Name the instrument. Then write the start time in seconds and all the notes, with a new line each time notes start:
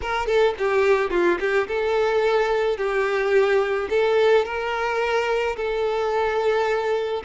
violin
0.01 A#4
0.26 A4
0.58 G4
1.10 F4
1.39 G4
1.67 A4
2.77 G4
3.89 A4
4.45 A#4
5.56 A4